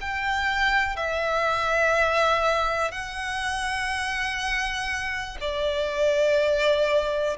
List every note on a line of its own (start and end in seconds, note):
0.00 0.96 G5
0.96 2.91 E5
2.91 5.37 F#5
5.40 7.37 D5